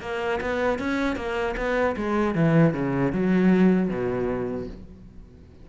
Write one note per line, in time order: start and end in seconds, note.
0.00 0.39 A#3
0.40 0.78 B3
0.78 1.16 C#4
1.16 1.55 A#3
1.56 1.95 B3
1.96 2.34 G#3
2.34 2.73 E3
2.73 3.12 C#3
3.12 3.89 F#3
3.89 4.67 B2